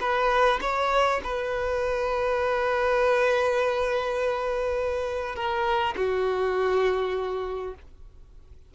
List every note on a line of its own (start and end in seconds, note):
0.00 0.59 B4
0.61 1.20 C#5
1.23 5.35 B4
5.35 5.95 A#4
5.96 7.74 F#4